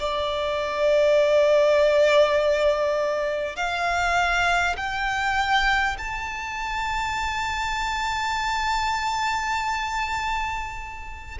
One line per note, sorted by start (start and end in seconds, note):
0.00 3.57 D5
3.57 4.77 F5
4.77 5.97 G5
5.98 11.38 A5